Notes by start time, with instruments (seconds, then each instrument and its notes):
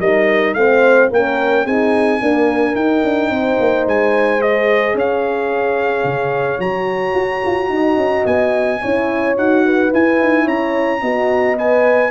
0.00 tuba G3, horn D#4 A#4, trumpet D#5
0.54 tuba A3, horn C4 C5, trumpet F5
1.11 tuba A#3, horn C#4 A#4, trumpet G5
1.65 tuba C4, horn D#4 G#4, trumpet G#5
2.21 horn A#3 A#4, tuba D4
2.74 horn D#4, tuba D#4, trumpet G5
3.04 tuba D4
3.30 tuba C4, horn C5
3.60 tuba A#3
3.86 tuba G#3, trumpet G#5
4.39 horn G#4, trumpet D#5
4.94 tuba C#4, horn C#5, trumpet F5
6.04 tuba C#3
6.59 tuba F#3, horn F#4, trumpet A#5
7.15 tuba F#4
7.46 tuba F4
7.69 tuba D#4, horn D#5
7.96 tuba C#4
8.26 tuba B3, trumpet G#5
8.82 tuba C#4, horn E4 C#5
9.37 tuba D#4, horn F#4, trumpet F#5
9.66 horn B4
9.90 horn E4, tuba E4, trumpet G#5
10.20 tuba D#4
10.45 tuba C#4, horn C#5, trumpet A#5
11.01 tuba B3, horn F#4 D#5
11.57 horn B4, trumpet G#5